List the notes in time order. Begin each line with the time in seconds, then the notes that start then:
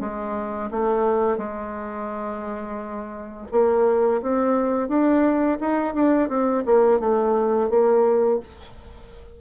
0.00 G#3
0.71 A3
1.38 G#3
3.51 A#3
4.22 C4
4.88 D4
5.60 D#4
5.94 D4
6.29 C4
6.65 A#3
7.00 A3
7.70 A#3